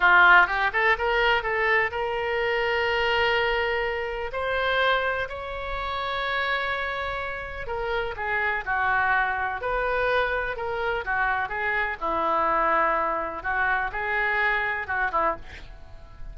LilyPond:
\new Staff \with { instrumentName = "oboe" } { \time 4/4 \tempo 4 = 125 f'4 g'8 a'8 ais'4 a'4 | ais'1~ | ais'4 c''2 cis''4~ | cis''1 |
ais'4 gis'4 fis'2 | b'2 ais'4 fis'4 | gis'4 e'2. | fis'4 gis'2 fis'8 e'8 | }